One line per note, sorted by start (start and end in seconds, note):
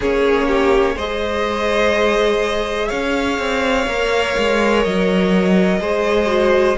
0.00 0.96 A#3
0.00 0.97 C#4
0.00 0.47 G#4
0.00 0.98 C#5
0.47 0.95 G4
0.95 2.90 G#3
0.95 3.87 G#4
0.95 2.88 C5
0.95 2.89 D#5
2.88 3.39 C#4
2.88 5.78 C#5
2.88 4.82 F5
3.39 3.86 C4
3.86 4.35 A#3
3.86 5.80 A#4
4.38 4.85 G#3
4.84 5.79 F#3
4.84 6.77 D#5
5.79 6.76 G#3
5.79 6.26 G#4
5.79 6.77 C5
6.26 6.74 F#4